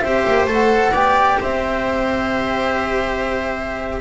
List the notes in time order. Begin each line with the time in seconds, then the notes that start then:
0.00 C4 G4 C5 E5
0.27 A#3
0.46 A3 A4
0.53 F#5
0.92 B3 G4 D5 G5
1.41 C4 C5 E5